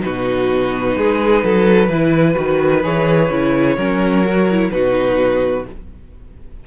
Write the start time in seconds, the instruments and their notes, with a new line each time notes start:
0.00 cello B2, viola D#4, violin F#4 B4
0.97 cello G#3, violin G#4
1.44 cello F#3, violin A4
1.89 cello E3, viola E4, violin B4
2.35 cello D#3, viola F#4
2.83 cello E3, viola G#4, violin C#5
3.30 cello C#3, viola E4
3.77 cello F#3, viola C#4, violin A#4
4.25 viola F#4
4.51 viola E4
4.71 cello B2, viola D#4, violin F#4 B4